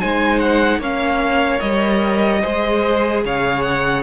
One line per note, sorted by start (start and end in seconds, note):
0.00 0.79 G#3
0.00 0.81 D#4
0.00 0.79 C5
0.00 0.40 G#5
0.40 0.80 F#5
0.79 1.60 A#3
0.79 1.59 C#4
0.79 2.41 C#5
0.79 1.60 F5
1.59 2.43 G3
1.59 2.40 A#4
1.59 3.22 D#5
2.42 3.25 G#3
2.42 4.03 G#4
2.42 3.23 C5
3.25 4.03 C#3
3.25 4.03 C#5
3.25 3.62 F5
3.62 4.03 F#5